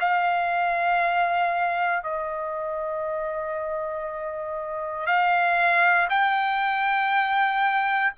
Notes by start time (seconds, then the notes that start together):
0.00 F5
2.03 D#5
5.07 F5
6.10 G5